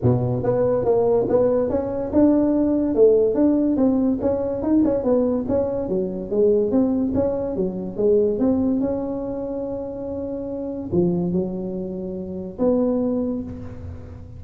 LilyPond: \new Staff \with { instrumentName = "tuba" } { \time 4/4 \tempo 4 = 143 b,4 b4 ais4 b4 | cis'4 d'2 a4 | d'4 c'4 cis'4 dis'8 cis'8 | b4 cis'4 fis4 gis4 |
c'4 cis'4 fis4 gis4 | c'4 cis'2.~ | cis'2 f4 fis4~ | fis2 b2 | }